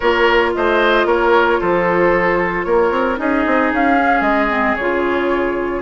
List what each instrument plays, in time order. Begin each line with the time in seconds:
0.00 bassoon A#3, clarinet F4, oboe A#4, flute C#5
0.54 bassoon A3, oboe C5, flute D#5
1.05 bassoon A#3, oboe A#4, flute C#5
1.60 bassoon F3, oboe A4, flute C5
2.63 bassoon A#3, oboe A#4, flute C#5
2.91 bassoon C4
3.17 bassoon C#4, clarinet D#4, oboe G#4, flute D#5
3.46 bassoon C4
3.72 bassoon C#4, flute F5
3.96 clarinet C#4
4.20 bassoon G#3, flute D#5
4.50 clarinet C4
4.75 bassoon C#3, clarinet F4, flute C#5